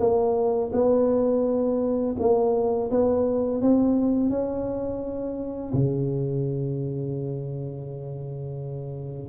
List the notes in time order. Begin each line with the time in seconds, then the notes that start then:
0.00 A#3
0.73 B3
2.19 A#3
2.91 B3
3.62 C4
4.30 C#4
5.74 C#3